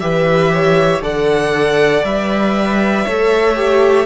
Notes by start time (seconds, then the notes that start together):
0.00 E3 G4 B4 E5
0.54 C#5
1.01 D3 A4 D5 F#5
2.04 G3 B4 E5
3.06 A3 A4 C#5
3.56 G4